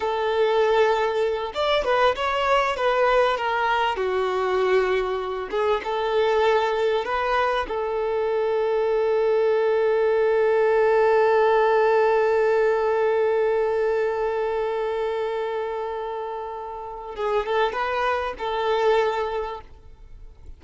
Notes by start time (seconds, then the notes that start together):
0.00 A4
1.54 D5
1.84 B4
2.15 C#5
2.76 B4
3.37 A#4
3.96 F#4
5.50 G#4
5.84 A4
7.05 B4
7.68 A4
17.15 G#4
17.46 A4
17.72 B4
18.38 A4